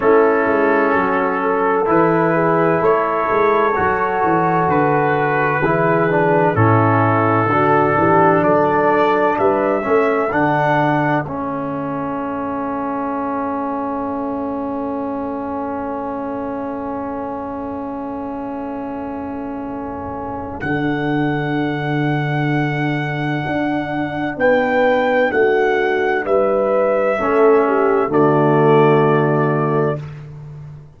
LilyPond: <<
  \new Staff \with { instrumentName = "trumpet" } { \time 4/4 \tempo 4 = 64 a'2 b'4 cis''4~ | cis''4 b'2 a'4~ | a'4 d''4 e''4 fis''4 | e''1~ |
e''1~ | e''2 fis''2~ | fis''2 g''4 fis''4 | e''2 d''2 | }
  \new Staff \with { instrumentName = "horn" } { \time 4/4 e'4 fis'8 a'4 gis'8 a'4~ | a'2 gis'4 e'4 | fis'8 g'8 a'4 b'8 a'4.~ | a'1~ |
a'1~ | a'1~ | a'2 b'4 fis'4 | b'4 a'8 g'8 fis'2 | }
  \new Staff \with { instrumentName = "trombone" } { \time 4/4 cis'2 e'2 | fis'2 e'8 d'8 cis'4 | d'2~ d'8 cis'8 d'4 | cis'1~ |
cis'1~ | cis'2 d'2~ | d'1~ | d'4 cis'4 a2 | }
  \new Staff \with { instrumentName = "tuba" } { \time 4/4 a8 gis8 fis4 e4 a8 gis8 | fis8 e8 d4 e4 a,4 | d8 e8 fis4 g8 a8 d4 | a1~ |
a1~ | a2 d2~ | d4 d'4 b4 a4 | g4 a4 d2 | }
>>